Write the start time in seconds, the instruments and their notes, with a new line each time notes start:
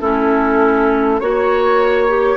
0.00 bassoon A3, clarinet C#4, oboe E4, flute A4
1.20 bassoon A#3, clarinet F#4, flute C#5, oboe C#5
2.08 clarinet G4